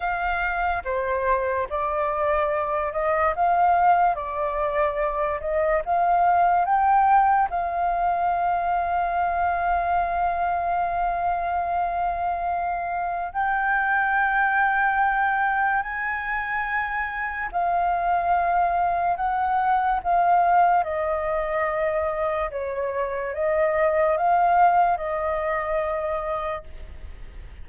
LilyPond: \new Staff \with { instrumentName = "flute" } { \time 4/4 \tempo 4 = 72 f''4 c''4 d''4. dis''8 | f''4 d''4. dis''8 f''4 | g''4 f''2.~ | f''1 |
g''2. gis''4~ | gis''4 f''2 fis''4 | f''4 dis''2 cis''4 | dis''4 f''4 dis''2 | }